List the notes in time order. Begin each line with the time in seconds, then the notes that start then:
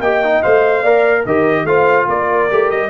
0.00 A#3 G4 D#5 G5
0.24 D#4
0.43 A3 C5 F5
0.82 A#3 A#4 D5
1.26 D#3 G4 A#4 D#5
1.65 A3 F4 C5 F5
2.08 A#3 A#4 D5
2.51 A3 G4
2.71 G3 D#5